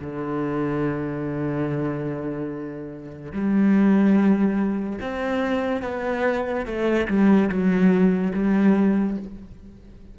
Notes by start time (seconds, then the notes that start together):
0.00 D3
3.32 G3
5.01 C4
5.82 B3
6.66 A3
7.08 G3
7.49 F#3
8.34 G3